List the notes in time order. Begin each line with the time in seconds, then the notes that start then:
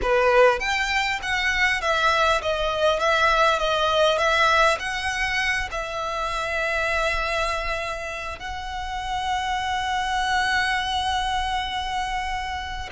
0.02 B4
0.59 G5
1.22 F#5
1.81 E5
2.42 D#5
2.99 E5
3.58 D#5
4.18 E5
4.79 F#5
5.71 E5
8.39 F#5